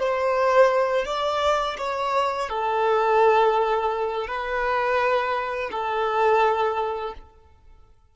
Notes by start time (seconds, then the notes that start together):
0.00 C5
1.06 D5
1.78 C#5
2.50 A4
4.28 B4
5.72 A4